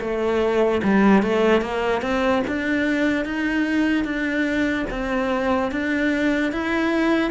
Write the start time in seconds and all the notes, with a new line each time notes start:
0.00 A3
0.83 G3
1.22 A3
1.61 A#3
2.02 C4
2.47 D4
3.25 D#4
4.04 D4
4.90 C4
5.71 D4
6.52 E4